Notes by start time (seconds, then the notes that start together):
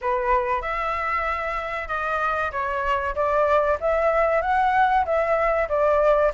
0.01 B4
0.61 E5
1.88 D#5
2.51 C#5
3.15 D5
3.80 E5
4.41 F#5
5.05 E5
5.68 D5